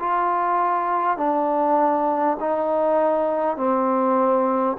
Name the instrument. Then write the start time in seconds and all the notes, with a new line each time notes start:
trombone
0.00 F4
1.18 D4
2.41 D#4
3.57 C4